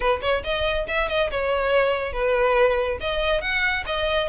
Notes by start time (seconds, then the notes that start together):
0.00 B4
0.21 C#5
0.44 D#5
0.87 E5
1.09 D#5
1.31 C#5
2.12 B4
3.00 D#5
3.41 F#5
3.86 D#5